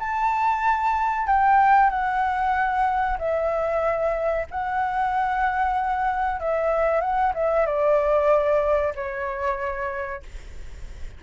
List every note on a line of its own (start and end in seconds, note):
0.00 1.27 A5
1.27 1.90 G5
1.90 3.18 F#5
3.19 4.47 E5
4.51 6.40 F#5
6.40 7.01 E5
7.01 7.33 F#5
7.35 7.66 E5
7.66 8.94 D5
8.95 10.23 C#5